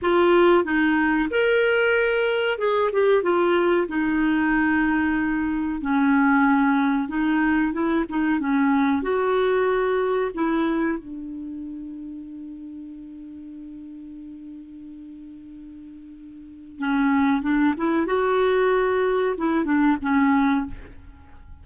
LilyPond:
\new Staff \with { instrumentName = "clarinet" } { \time 4/4 \tempo 4 = 93 f'4 dis'4 ais'2 | gis'8 g'8 f'4 dis'2~ | dis'4 cis'2 dis'4 | e'8 dis'8 cis'4 fis'2 |
e'4 d'2.~ | d'1~ | d'2 cis'4 d'8 e'8 | fis'2 e'8 d'8 cis'4 | }